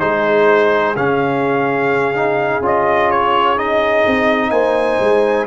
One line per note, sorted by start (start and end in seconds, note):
0.00 0.96 G#3
0.00 0.95 D#4
0.00 4.51 G#4
0.00 0.95 C5
0.96 2.60 C#3
0.96 2.14 C#4
0.96 2.63 F5
2.14 2.62 D#4
2.60 4.03 C#4
2.60 3.57 F4
2.60 3.11 D#5
3.11 3.58 C#5
3.57 5.47 D#4
3.57 4.51 D#5
4.06 4.50 C4
4.50 4.98 A#3
4.50 5.46 C5
4.50 5.46 G#5
5.00 5.47 G#3